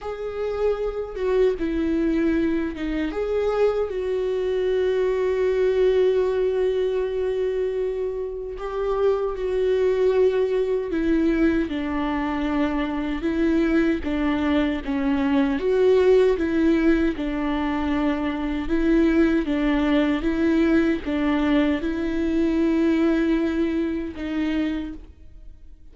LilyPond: \new Staff \with { instrumentName = "viola" } { \time 4/4 \tempo 4 = 77 gis'4. fis'8 e'4. dis'8 | gis'4 fis'2.~ | fis'2. g'4 | fis'2 e'4 d'4~ |
d'4 e'4 d'4 cis'4 | fis'4 e'4 d'2 | e'4 d'4 e'4 d'4 | e'2. dis'4 | }